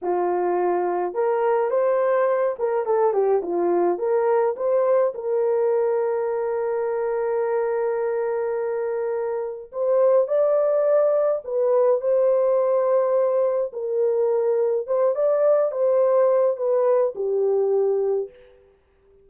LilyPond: \new Staff \with { instrumentName = "horn" } { \time 4/4 \tempo 4 = 105 f'2 ais'4 c''4~ | c''8 ais'8 a'8 g'8 f'4 ais'4 | c''4 ais'2.~ | ais'1~ |
ais'4 c''4 d''2 | b'4 c''2. | ais'2 c''8 d''4 c''8~ | c''4 b'4 g'2 | }